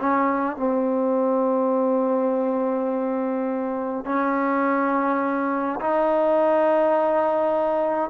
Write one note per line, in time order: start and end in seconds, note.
0.00 0.57 C#4
0.57 4.05 C4
4.05 5.80 C#4
5.81 8.10 D#4